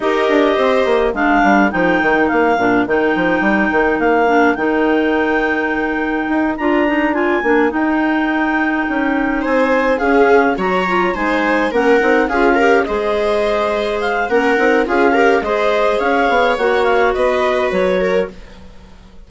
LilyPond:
<<
  \new Staff \with { instrumentName = "clarinet" } { \time 4/4 \tempo 4 = 105 dis''2 f''4 g''4 | f''4 g''2 f''4 | g''2.~ g''8 ais''8~ | ais''8 gis''4 g''2~ g''8~ |
g''8 gis''4 f''4 ais''4 gis''8~ | gis''8 fis''4 f''4 dis''4.~ | dis''8 f''8 fis''4 f''4 dis''4 | f''4 fis''8 f''8 dis''4 cis''4 | }
  \new Staff \with { instrumentName = "viola" } { \time 4/4 ais'4 c''4 ais'2~ | ais'1~ | ais'1~ | ais'1~ |
ais'8 c''4 gis'4 cis''4 c''8~ | c''8 ais'4 gis'8 ais'8 c''4.~ | c''4 ais'4 gis'8 ais'8 c''4 | cis''2 b'4. ais'8 | }
  \new Staff \with { instrumentName = "clarinet" } { \time 4/4 g'2 d'4 dis'4~ | dis'8 d'8 dis'2~ dis'8 d'8 | dis'2.~ dis'8 f'8 | dis'8 f'8 d'8 dis'2~ dis'8~ |
dis'4. cis'4 fis'8 f'8 dis'8~ | dis'8 cis'8 dis'8 f'8 g'8 gis'4.~ | gis'4 cis'8 dis'8 f'8 g'8 gis'4~ | gis'4 fis'2. | }
  \new Staff \with { instrumentName = "bassoon" } { \time 4/4 dis'8 d'8 c'8 ais8 gis8 g8 f8 dis8 | ais8 ais,8 dis8 f8 g8 dis8 ais4 | dis2. dis'8 d'8~ | d'4 ais8 dis'2 cis'8~ |
cis'8 c'4 cis'4 fis4 gis8~ | gis8 ais8 c'8 cis'4 gis4.~ | gis4 ais8 c'8 cis'4 gis4 | cis'8 b8 ais4 b4 fis4 | }
>>